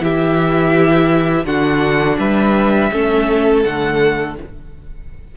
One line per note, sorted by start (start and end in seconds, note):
0.00 1.45 E3
0.00 1.45 E4
0.00 1.46 G4
0.00 1.46 E5
1.46 2.18 D3
1.46 2.91 D4
1.46 2.19 F#4
1.46 2.18 F#5
2.19 2.91 G3
2.19 2.91 B4
2.19 3.63 E5
2.92 3.65 A3
2.92 3.65 C#4
2.92 4.37 A4
3.63 4.37 D3
3.63 4.37 A3
3.63 4.36 F#5